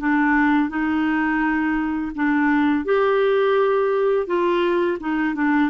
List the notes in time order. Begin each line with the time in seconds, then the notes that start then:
0.00 D4
0.70 D#4
2.16 D4
2.85 G4
4.27 F4
5.01 D#4
5.35 D4